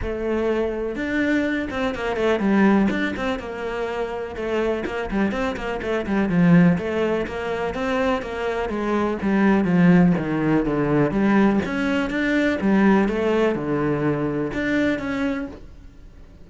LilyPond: \new Staff \with { instrumentName = "cello" } { \time 4/4 \tempo 4 = 124 a2 d'4. c'8 | ais8 a8 g4 d'8 c'8 ais4~ | ais4 a4 ais8 g8 c'8 ais8 | a8 g8 f4 a4 ais4 |
c'4 ais4 gis4 g4 | f4 dis4 d4 g4 | cis'4 d'4 g4 a4 | d2 d'4 cis'4 | }